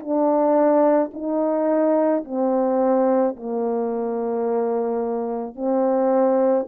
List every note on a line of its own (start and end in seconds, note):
0.00 1.11 D4
1.13 2.24 D#4
2.25 3.36 C4
3.36 5.56 A#3
5.56 6.67 C4